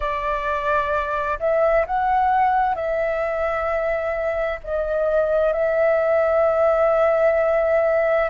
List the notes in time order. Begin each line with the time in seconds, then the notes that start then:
0.00 D5
1.39 E5
1.86 F#5
2.74 E5
4.63 D#5
5.52 E5